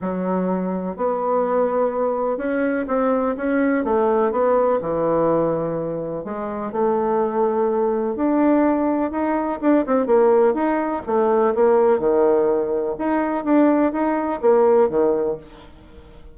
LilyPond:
\new Staff \with { instrumentName = "bassoon" } { \time 4/4 \tempo 4 = 125 fis2 b2~ | b4 cis'4 c'4 cis'4 | a4 b4 e2~ | e4 gis4 a2~ |
a4 d'2 dis'4 | d'8 c'8 ais4 dis'4 a4 | ais4 dis2 dis'4 | d'4 dis'4 ais4 dis4 | }